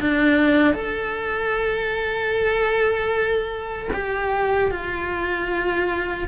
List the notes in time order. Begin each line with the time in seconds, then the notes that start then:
0.00 D4
0.74 A4
3.93 G4
4.71 F4